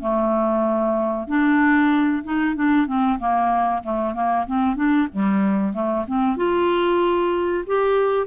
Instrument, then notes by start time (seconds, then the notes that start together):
clarinet
0.00 A3
1.28 D4
2.24 D#4
2.55 D4
2.87 C4
3.19 A#3
3.84 A3
4.14 A#3
4.47 C4
4.76 D4
5.12 G3
5.74 A3
6.08 C4
6.37 F4
7.67 G4